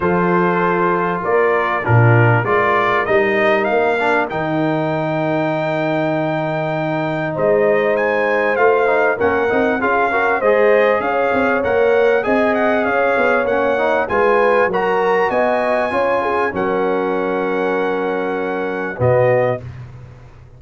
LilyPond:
<<
  \new Staff \with { instrumentName = "trumpet" } { \time 4/4 \tempo 4 = 98 c''2 d''4 ais'4 | d''4 dis''4 f''4 g''4~ | g''1 | dis''4 gis''4 f''4 fis''4 |
f''4 dis''4 f''4 fis''4 | gis''8 fis''8 f''4 fis''4 gis''4 | ais''4 gis''2 fis''4~ | fis''2. dis''4 | }
  \new Staff \with { instrumentName = "horn" } { \time 4/4 a'2 ais'4 f'4 | ais'1~ | ais'1 | c''2. ais'4 |
gis'8 ais'8 c''4 cis''2 | dis''4 cis''2 b'4 | ais'4 dis''4 cis''8 gis'8 ais'4~ | ais'2. fis'4 | }
  \new Staff \with { instrumentName = "trombone" } { \time 4/4 f'2. d'4 | f'4 dis'4. d'8 dis'4~ | dis'1~ | dis'2 f'8 dis'8 cis'8 dis'8 |
f'8 fis'8 gis'2 ais'4 | gis'2 cis'8 dis'8 f'4 | fis'2 f'4 cis'4~ | cis'2. b4 | }
  \new Staff \with { instrumentName = "tuba" } { \time 4/4 f2 ais4 ais,4 | gis4 g4 ais4 dis4~ | dis1 | gis2 a4 ais8 c'8 |
cis'4 gis4 cis'8 c'8 ais4 | c'4 cis'8 b8 ais4 gis4 | fis4 b4 cis'4 fis4~ | fis2. b,4 | }
>>